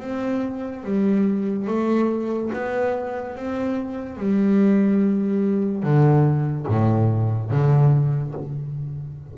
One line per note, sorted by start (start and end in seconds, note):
0.00 0.83 C4
0.84 1.67 G3
1.67 2.50 A3
2.53 3.36 B3
3.36 4.17 C4
4.17 5.83 G3
5.83 6.66 D3
6.67 7.50 A2
7.50 8.34 D3